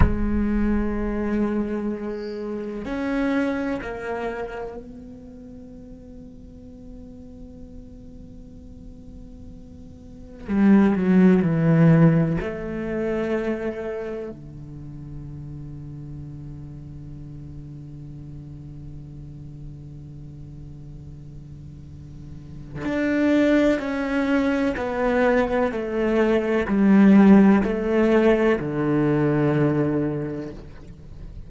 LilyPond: \new Staff \with { instrumentName = "cello" } { \time 4/4 \tempo 4 = 63 gis2. cis'4 | ais4 b2.~ | b2. g8 fis8 | e4 a2 d4~ |
d1~ | d1 | d'4 cis'4 b4 a4 | g4 a4 d2 | }